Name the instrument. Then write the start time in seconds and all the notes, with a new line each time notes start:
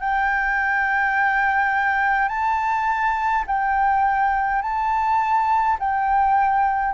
flute
0.00 G5
2.29 A5
3.47 G5
4.62 A5
5.79 G5